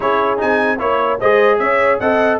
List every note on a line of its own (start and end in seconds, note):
0.00 0.41 C#4
0.00 0.37 E4
0.00 0.78 G#4
0.00 0.40 C#5
0.37 0.81 C4
0.37 0.77 D#4
0.37 0.79 G#5
0.78 1.21 A#3
0.78 1.19 E4
0.78 1.18 C#5
0.78 1.19 C#5
1.19 1.59 G#3
1.19 2.01 G#4
1.19 1.59 C5
1.19 1.58 D#5
1.58 1.99 C#4
1.58 1.99 C#5
1.58 1.98 E5
1.99 2.40 C4
1.99 2.40 A4
1.99 2.39 D#5
1.99 2.39 F#5